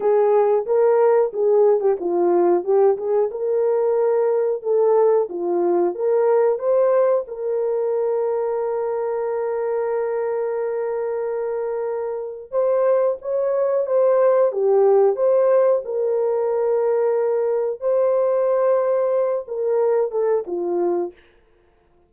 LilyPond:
\new Staff \with { instrumentName = "horn" } { \time 4/4 \tempo 4 = 91 gis'4 ais'4 gis'8. g'16 f'4 | g'8 gis'8 ais'2 a'4 | f'4 ais'4 c''4 ais'4~ | ais'1~ |
ais'2. c''4 | cis''4 c''4 g'4 c''4 | ais'2. c''4~ | c''4. ais'4 a'8 f'4 | }